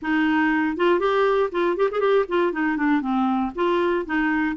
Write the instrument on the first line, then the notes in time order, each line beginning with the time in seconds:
clarinet
0.02 D#4
0.77 F4
0.99 G4
1.51 F4
1.76 G4
1.91 G#4
1.99 G4
2.28 F4
2.52 D#4
2.76 D4
3.01 C4
3.55 F4
4.05 D#4